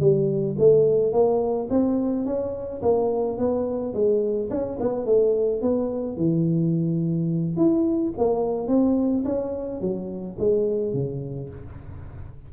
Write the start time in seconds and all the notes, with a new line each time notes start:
0.00 G3
0.58 A3
1.12 A#3
1.70 C4
2.26 C#4
2.82 A#3
3.38 B3
3.94 G#3
4.51 C#4
4.80 B3
5.05 A3
5.62 B3
6.17 E3
7.57 E4
8.17 A#3
8.68 C4
9.25 C#4
9.81 F#3
10.39 G#3
10.93 C#3